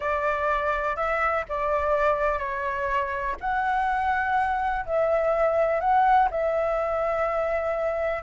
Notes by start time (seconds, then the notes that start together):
0.00 D5
0.96 E5
1.48 D5
2.38 C#5
3.40 F#5
4.85 E5
5.80 F#5
6.30 E5